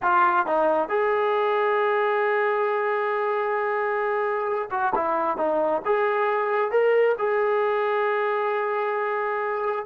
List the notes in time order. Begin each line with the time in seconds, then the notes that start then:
0.02 F4
0.46 D#4
0.88 G#4
4.70 F#4
4.95 E4
5.37 D#4
5.85 G#4
6.71 A#4
7.18 G#4